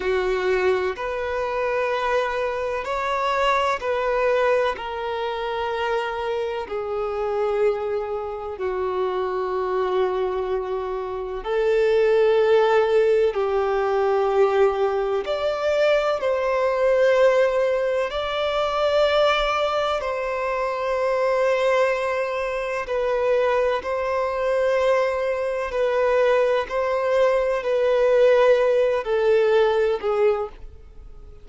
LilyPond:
\new Staff \with { instrumentName = "violin" } { \time 4/4 \tempo 4 = 63 fis'4 b'2 cis''4 | b'4 ais'2 gis'4~ | gis'4 fis'2. | a'2 g'2 |
d''4 c''2 d''4~ | d''4 c''2. | b'4 c''2 b'4 | c''4 b'4. a'4 gis'8 | }